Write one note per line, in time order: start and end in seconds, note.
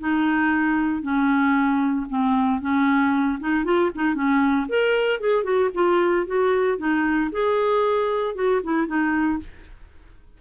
0.00 1.03 D#4
1.03 2.07 C#4
2.10 2.61 C4
2.61 3.39 C#4
3.40 3.65 D#4
3.65 3.91 F4
3.96 4.15 D#4
4.15 4.67 C#4
4.69 5.21 A#4
5.21 5.44 G#4
5.44 5.70 F#4
5.75 6.27 F4
6.27 6.78 F#4
6.78 7.30 D#4
7.32 8.35 G#4
8.35 8.61 F#4
8.64 8.87 E4
8.87 9.39 D#4